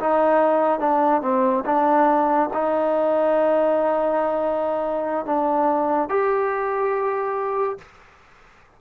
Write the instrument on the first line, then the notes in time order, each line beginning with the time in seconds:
trombone
0.00 D#4
0.80 D4
1.22 C4
1.66 D4
2.54 D#4
5.26 D4
6.10 G4